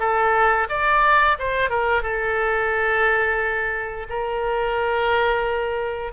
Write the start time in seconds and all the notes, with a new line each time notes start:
0.00 A4
0.70 D5
1.39 C5
1.70 A#4
2.03 A4
4.09 A#4